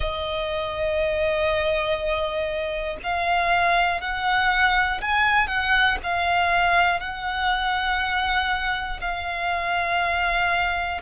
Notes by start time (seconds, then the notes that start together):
0.00 D#5
3.03 F5
4.00 F#5
5.00 G#5
5.47 F#5
6.03 F5
7.00 F#5
9.00 F5